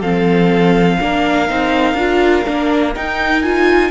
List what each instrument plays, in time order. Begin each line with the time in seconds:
0.00 cello F3, viola C4, violin A4 F5
1.00 cello A#3, viola D4, violin A#4
1.49 cello C4, viola D#4
1.94 cello D4, viola F4
2.46 cello A#3, viola D4
2.96 viola D#4, cello D#4, violin G5
3.43 viola F4, violin G#5